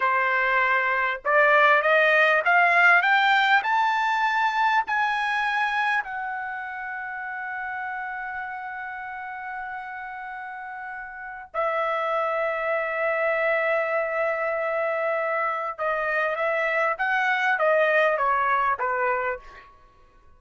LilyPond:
\new Staff \with { instrumentName = "trumpet" } { \time 4/4 \tempo 4 = 99 c''2 d''4 dis''4 | f''4 g''4 a''2 | gis''2 fis''2~ | fis''1~ |
fis''2. e''4~ | e''1~ | e''2 dis''4 e''4 | fis''4 dis''4 cis''4 b'4 | }